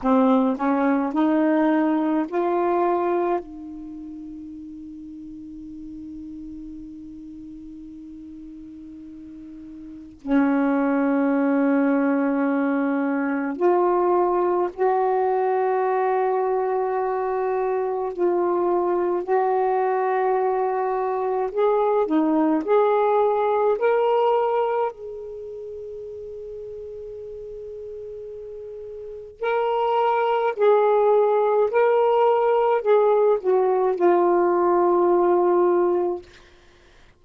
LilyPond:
\new Staff \with { instrumentName = "saxophone" } { \time 4/4 \tempo 4 = 53 c'8 cis'8 dis'4 f'4 dis'4~ | dis'1~ | dis'4 cis'2. | f'4 fis'2. |
f'4 fis'2 gis'8 dis'8 | gis'4 ais'4 gis'2~ | gis'2 ais'4 gis'4 | ais'4 gis'8 fis'8 f'2 | }